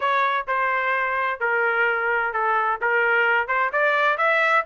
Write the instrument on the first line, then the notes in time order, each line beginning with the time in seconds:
trumpet
0.00 C#5
0.47 C5
1.40 A#4
2.33 A4
2.81 A#4
3.47 C5
3.72 D5
4.17 E5